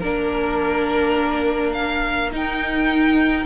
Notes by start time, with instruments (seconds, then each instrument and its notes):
0.00 cello A#3, viola D4, violin A#4
1.74 violin F5
2.32 viola D#4, cello D#4, violin G5